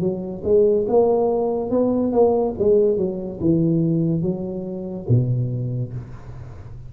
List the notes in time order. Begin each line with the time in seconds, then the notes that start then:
0.00 F#3
0.44 G#3
0.88 A#3
1.71 B3
2.12 A#3
2.59 G#3
2.97 F#3
3.40 E3
4.22 F#3
5.09 B2